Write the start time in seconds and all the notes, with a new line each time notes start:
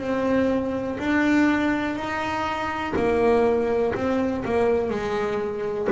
0.00 C4
0.99 D4
1.95 D#4
2.96 A#3
3.95 C4
4.45 A#3
4.90 G#3